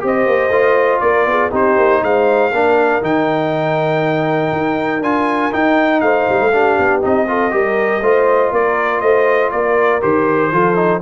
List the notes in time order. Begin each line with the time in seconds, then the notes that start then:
0.00 C4 G4 C5
0.07 D#5
0.26 A#3
0.50 A3 F4
1.00 A#3 A#4 D5
1.26 B3 G#4
1.51 C4 D#4 G4 C5
1.77 A#3
2.02 G#3 C5 F5
2.51 A#3 D4 A#4
3.02 D#3 D#4 G5
4.52 D#4
5.01 D4 F4 G#5
5.52 D#4 G5
6.01 A3 C5 F5
6.29 G3
6.41 A3
6.52 D4 G4
6.79 B3
7.02 C4 D#4 D#5
7.28 F4 A4
7.51 G3 G4 A#4
8.01 A3 F4 C5
8.52 A#3 A#4 D5
9.01 A3 C5 D#5
9.51 A#3 A#4 D5
10.01 D#3 G4 C5
10.52 F3 F4 A4
10.75 D#4